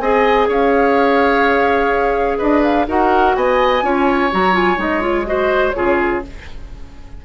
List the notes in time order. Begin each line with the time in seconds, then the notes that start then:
0.00 C4 G#4 D#5 G#5
0.48 C#4 C#5 F5
2.38 D4 B4 D#5
2.63 F5
2.87 D#4 F#4 A#4 F#5
3.36 B3 D#5 G#5
3.82 C#4 F4 C#5
4.32 F#3 F#4 A#5
4.53 F4 G#5
4.77 G#3 D#4 D#5
5.01 F4 C#5
5.26 F#4 C5 D#5
5.70 F4 C#5
5.76 C#3 G#4